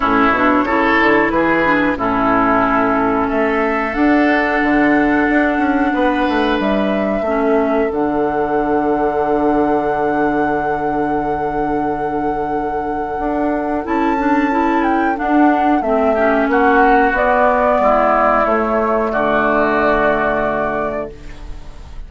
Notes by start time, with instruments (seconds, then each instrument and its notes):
0.00 bassoon A2, clarinet C#4, oboe E4, flute C#5
0.31 bassoon B2, clarinet D4
0.64 bassoon C#3, clarinet E4, oboe A4
1.00 bassoon D3
1.30 bassoon E3, oboe G#4, flute B4
1.64 clarinet D4
1.96 bassoon A2, clarinet C#4, oboe E4, flute A4
3.27 bassoon A3, oboe A4, flute E5
3.93 clarinet D4, bassoon D4, flute F#5
4.62 bassoon D3
5.28 bassoon D4
5.57 bassoon C#4
5.93 bassoon B3, oboe B4
6.28 bassoon A3
6.59 bassoon G3, flute E5
7.21 bassoon A3, clarinet C#4, oboe A4
7.89 bassoon D3, clarinet D4, flute F#5
13.18 bassoon D4
13.84 bassoon C#4, clarinet E4, flute A5
14.17 clarinet D4
14.50 clarinet E4
14.83 flute G5
15.15 clarinet D4, bassoon D4, flute F#5
15.81 bassoon A3, clarinet C4, flute E5
16.14 clarinet C#4, oboe G4
16.47 bassoon A#3, oboe F#4, flute F#5
17.12 bassoon B3, clarinet B3, flute D5
17.79 bassoon G#3, oboe E4
18.45 bassoon A3, clarinet A3, flute C#5
19.11 bassoon D3, oboe F#4, flute D5